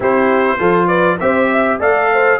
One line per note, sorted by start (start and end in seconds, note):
0.00 0.59 C4
0.00 0.58 E4
0.00 0.58 G4
0.00 0.87 C5
0.58 1.19 F3
0.58 1.18 F4
0.58 0.87 A4
0.87 1.17 B4
0.87 1.17 D5
1.19 1.79 C4
1.19 1.80 G4
1.19 1.51 C5
1.19 1.79 E5
1.52 1.80 E5
1.79 2.40 A3
1.79 2.40 A4
1.79 2.10 D5
1.79 2.40 F5
2.12 2.40 C5